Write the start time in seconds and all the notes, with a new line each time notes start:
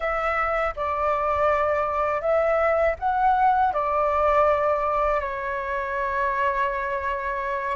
0.00 E5
0.76 D5
2.21 E5
2.99 F#5
3.73 D5
5.20 C#5